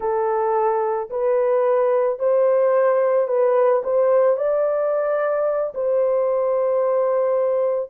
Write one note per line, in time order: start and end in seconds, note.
0.00 1.09 A4
1.10 2.19 B4
2.19 3.27 C5
3.27 3.82 B4
3.83 4.36 C5
4.36 5.73 D5
5.74 7.89 C5